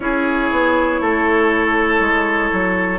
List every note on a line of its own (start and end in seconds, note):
0.00 0.50 C#4
0.00 2.99 E4
0.00 1.01 G#4
0.00 2.99 C#5
0.50 1.00 B3
1.00 2.00 A3
1.00 2.99 A4
2.00 2.50 G#3
2.52 2.99 F#3